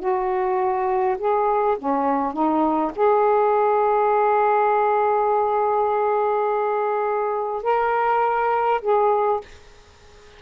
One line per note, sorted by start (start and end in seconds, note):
0.00 1.18 F#4
1.19 1.78 G#4
1.79 2.33 C#4
2.33 2.92 D#4
2.96 7.64 G#4
7.64 8.81 A#4
8.82 9.41 G#4